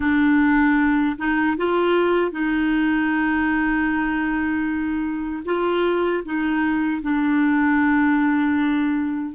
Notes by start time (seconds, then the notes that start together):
0.00 D4
1.18 D#4
1.57 F4
2.31 D#4
5.45 F4
6.24 D#4
7.02 D4